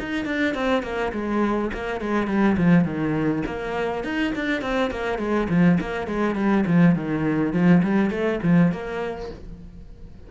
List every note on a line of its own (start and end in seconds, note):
0.00 0.26 D#4
0.26 0.55 D4
0.55 0.83 C4
0.83 1.12 A#3
1.13 1.71 G#3
1.74 2.01 A#3
2.01 2.28 G#3
2.28 2.57 G3
2.58 2.85 F3
2.85 3.43 D#3
3.46 4.04 A#3
4.04 4.33 D#4
4.36 4.62 D4
4.62 4.91 C4
4.91 5.19 A#3
5.19 5.48 G#3
5.49 5.79 F3
5.81 6.07 A#3
6.07 6.36 G#3
6.36 6.65 G3
6.67 6.96 F3
6.96 7.53 D#3
7.53 7.82 F3
7.83 8.11 G3
8.11 8.40 A3
8.43 8.72 F3
8.72 9.30 A#3